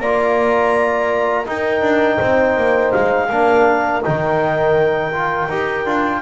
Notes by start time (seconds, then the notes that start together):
0.00 A#3 F4 D5 A#5
1.45 D#4 A#4 G5
1.81 D4
2.17 C4 C5
2.56 A#3
2.91 G#3 F5
3.29 A#3 D4 A#4
4.02 D#3 D#4 G5
5.12 F4
5.49 D#4 G4
5.86 D4 F4